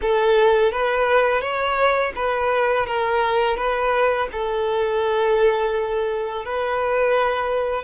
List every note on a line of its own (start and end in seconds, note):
0.01 0.72 A4
0.72 1.41 B4
1.41 2.12 C#5
2.15 2.86 B4
2.86 3.56 A#4
3.56 4.28 B4
4.32 6.45 A4
6.45 7.83 B4